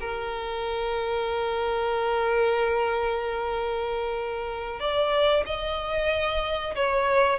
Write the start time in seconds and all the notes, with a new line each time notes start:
0.00 A#4
4.80 D5
5.46 D#5
6.75 C#5